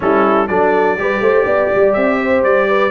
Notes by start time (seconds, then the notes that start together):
0.00 G3 C#4 E4 A4
0.47 F#3 D4 A4 D5
0.97 G3 G4 B4
1.20 A3 C5
1.45 B3 D5
1.74 G3
1.93 C4 E5
2.21 C5
2.43 G3 D5
2.68 B4